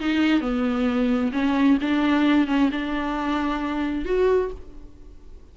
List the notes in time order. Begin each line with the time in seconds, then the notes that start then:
0.00 D#4
0.41 B3
1.32 C#4
1.81 D4
2.47 C#4
2.71 D4
4.05 F#4